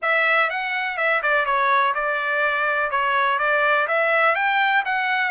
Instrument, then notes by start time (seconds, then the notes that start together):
trumpet
0.01 E5
0.50 F#5
0.97 E5
1.22 D5
1.45 C#5
1.94 D5
2.91 C#5
3.38 D5
3.87 E5
4.35 G5
4.85 F#5